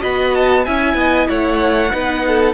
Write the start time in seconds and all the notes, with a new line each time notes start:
0.00 B3 F#4 D#5 B5
0.35 A5
0.65 C#4 E4 E5 G#5
0.95 B3 D#5
1.29 A3 C#5 F#5
1.91 B3 D#4 B4
2.28 A4